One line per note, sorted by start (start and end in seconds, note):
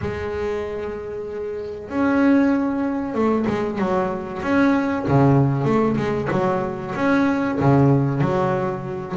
0.01 1.89 G#3
1.89 3.14 C#4
3.14 3.45 A3
3.46 3.78 G#3
3.78 4.41 F#3
4.42 5.05 C#4
5.08 5.64 C#3
5.64 5.96 A3
5.97 6.28 G#3
6.31 6.94 F#3
6.95 7.58 C#4
7.60 8.20 C#3
8.20 9.15 F#3